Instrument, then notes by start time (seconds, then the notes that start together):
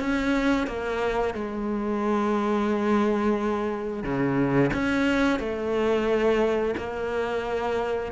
cello
0.00 C#4
0.67 A#3
1.34 G#3
4.04 C#3
4.74 C#4
5.40 A3
6.78 A#3